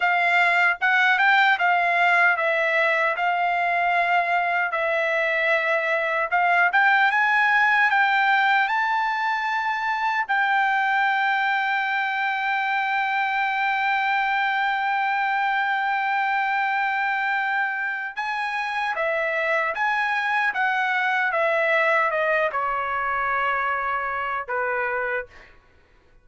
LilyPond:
\new Staff \with { instrumentName = "trumpet" } { \time 4/4 \tempo 4 = 76 f''4 fis''8 g''8 f''4 e''4 | f''2 e''2 | f''8 g''8 gis''4 g''4 a''4~ | a''4 g''2.~ |
g''1~ | g''2. gis''4 | e''4 gis''4 fis''4 e''4 | dis''8 cis''2~ cis''8 b'4 | }